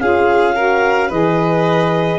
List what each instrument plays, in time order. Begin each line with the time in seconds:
0.00 tuba C#4, saxophone F4, violin G#4, clarinet F5
0.55 saxophone F#4, violin A#4
1.08 tuba E3, saxophone G#4, violin B4, clarinet D#5